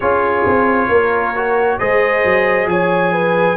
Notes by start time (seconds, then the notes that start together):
0.00 C#4 F4 G#4 C#5
0.46 C4
0.88 A#3 A#4
1.35 F#4
1.78 G#3 G#4 C5 D#5
2.24 F#3
2.66 F3 C#5 G#5
3.12 B4